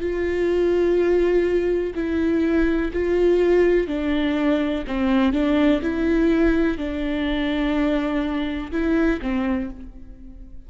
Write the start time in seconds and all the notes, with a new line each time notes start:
0.00 F4
1.95 E4
2.93 F4
3.87 D4
4.87 C4
5.33 D4
5.82 E4
6.77 D4
8.71 E4
9.22 C4